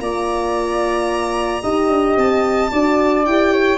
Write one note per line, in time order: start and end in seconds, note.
0.00 1.62 A#3
0.00 1.62 F4
0.00 1.62 D5
0.00 2.16 A#5
1.62 1.89 D#4
1.62 2.70 G4
1.62 2.70 D#5
1.89 2.16 D4
2.16 2.70 C4
2.16 3.25 A5
2.71 3.26 D4
2.71 3.25 F#4
2.71 3.52 D5
3.25 3.78 E4
3.25 3.78 G4
3.25 3.78 G5
3.52 3.78 C#5